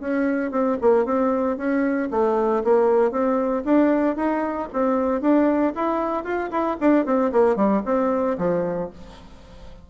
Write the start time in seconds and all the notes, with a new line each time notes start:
0.00 C#4
0.51 C4
0.81 A#3
1.05 C4
1.57 C#4
2.11 A3
2.64 A#3
3.11 C4
3.65 D4
4.16 D#4
4.73 C4
5.22 D4
5.75 E4
6.24 F4
6.51 E4
6.81 D4
7.06 C4
7.32 A#3
7.56 G3
7.85 C4
8.38 F3